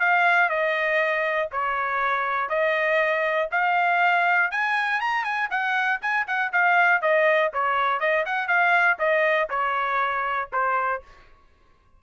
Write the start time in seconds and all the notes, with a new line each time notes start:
0.00 F5
0.50 D#5
1.52 C#5
2.50 D#5
3.52 F5
4.51 G#5
5.01 A#5
5.24 G#5
5.51 F#5
6.02 G#5
6.27 F#5
6.53 F5
7.02 D#5
7.53 C#5
8.00 D#5
8.26 F#5
8.48 F5
8.99 D#5
9.50 C#5
10.53 C5